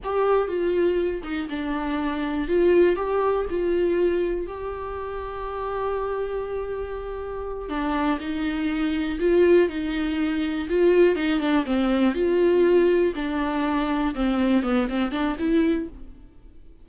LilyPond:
\new Staff \with { instrumentName = "viola" } { \time 4/4 \tempo 4 = 121 g'4 f'4. dis'8 d'4~ | d'4 f'4 g'4 f'4~ | f'4 g'2.~ | g'2.~ g'8 d'8~ |
d'8 dis'2 f'4 dis'8~ | dis'4. f'4 dis'8 d'8 c'8~ | c'8 f'2 d'4.~ | d'8 c'4 b8 c'8 d'8 e'4 | }